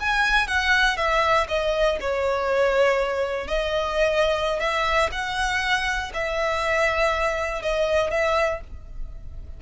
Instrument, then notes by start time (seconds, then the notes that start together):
violin
0.00 G#5
0.47 F#5
0.97 E5
1.48 D#5
2.00 C#5
3.47 D#5
4.60 E5
5.12 F#5
6.14 E5
7.62 D#5
8.11 E5